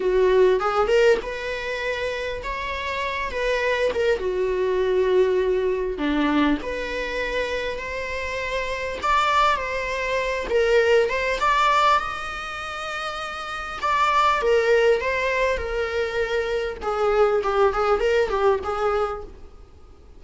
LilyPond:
\new Staff \with { instrumentName = "viola" } { \time 4/4 \tempo 4 = 100 fis'4 gis'8 ais'8 b'2 | cis''4. b'4 ais'8 fis'4~ | fis'2 d'4 b'4~ | b'4 c''2 d''4 |
c''4. ais'4 c''8 d''4 | dis''2. d''4 | ais'4 c''4 ais'2 | gis'4 g'8 gis'8 ais'8 g'8 gis'4 | }